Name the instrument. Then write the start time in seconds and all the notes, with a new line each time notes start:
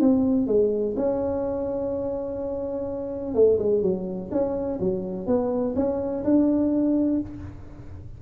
tuba
0.00 C4
0.47 G#3
0.96 C#4
3.34 A3
3.59 G#3
3.82 F#3
4.31 C#4
4.80 F#3
5.26 B3
5.75 C#4
6.24 D4